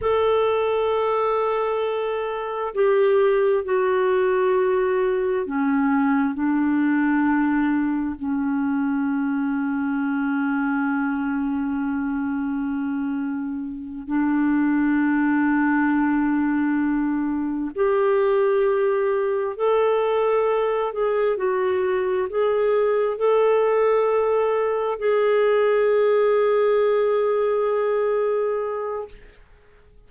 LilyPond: \new Staff \with { instrumentName = "clarinet" } { \time 4/4 \tempo 4 = 66 a'2. g'4 | fis'2 cis'4 d'4~ | d'4 cis'2.~ | cis'2.~ cis'8 d'8~ |
d'2.~ d'8 g'8~ | g'4. a'4. gis'8 fis'8~ | fis'8 gis'4 a'2 gis'8~ | gis'1 | }